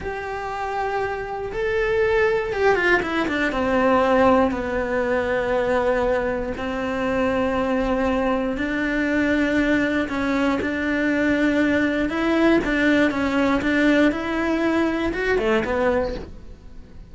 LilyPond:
\new Staff \with { instrumentName = "cello" } { \time 4/4 \tempo 4 = 119 g'2. a'4~ | a'4 g'8 f'8 e'8 d'8 c'4~ | c'4 b2.~ | b4 c'2.~ |
c'4 d'2. | cis'4 d'2. | e'4 d'4 cis'4 d'4 | e'2 fis'8 a8 b4 | }